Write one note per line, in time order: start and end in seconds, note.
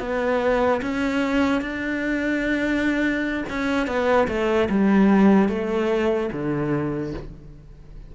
0.00 0.81 B3
0.82 1.61 C#4
1.61 3.44 D4
3.49 3.87 C#4
3.87 4.28 B3
4.28 4.68 A3
4.70 5.49 G3
5.49 6.30 A3
6.32 7.14 D3